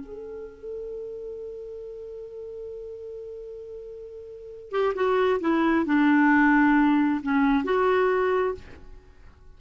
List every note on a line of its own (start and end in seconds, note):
0.00 4.71 A4
4.71 4.94 G4
4.95 5.40 F#4
5.40 5.85 E4
5.86 7.21 D4
7.22 7.64 C#4
7.64 8.55 F#4